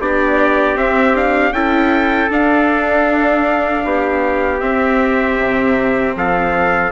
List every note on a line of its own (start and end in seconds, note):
0.00 0.77 B3
0.00 0.76 D4
0.00 1.54 G4
0.00 0.78 D5
0.76 1.14 C4
0.76 1.52 C4
0.76 1.16 E5
1.16 1.54 D4
1.16 1.53 F5
1.52 2.29 C#4
1.52 2.30 E4
1.52 3.85 A4
1.52 2.30 G5
2.30 3.84 D4
2.30 4.61 D4
2.30 4.61 F5
3.85 4.62 B3
3.85 6.17 G4
4.61 6.92 C4
4.61 5.39 C4
4.61 6.14 E5
5.39 6.16 C3
6.16 6.92 F3
6.16 6.92 A4
6.16 6.92 F5